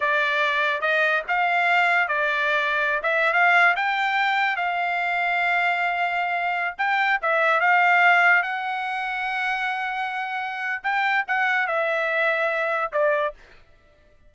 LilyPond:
\new Staff \with { instrumentName = "trumpet" } { \time 4/4 \tempo 4 = 144 d''2 dis''4 f''4~ | f''4 d''2~ d''16 e''8. | f''4 g''2 f''4~ | f''1~ |
f''16 g''4 e''4 f''4.~ f''16~ | f''16 fis''2.~ fis''8.~ | fis''2 g''4 fis''4 | e''2. d''4 | }